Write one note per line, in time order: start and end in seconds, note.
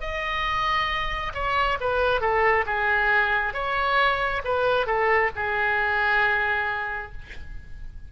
0.00 1.32 D#5
1.34 1.78 C#5
1.80 2.20 B4
2.20 2.64 A4
2.66 3.53 G#4
3.53 4.42 C#5
4.44 4.86 B4
4.86 5.30 A4
5.35 7.12 G#4